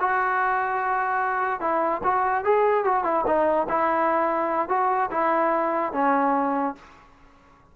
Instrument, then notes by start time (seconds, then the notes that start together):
trombone
0.00 F#4
1.60 E4
2.03 F#4
2.44 G#4
2.84 F#4
3.04 E4
3.26 D#4
3.69 E4
4.69 F#4
5.11 E4
5.93 C#4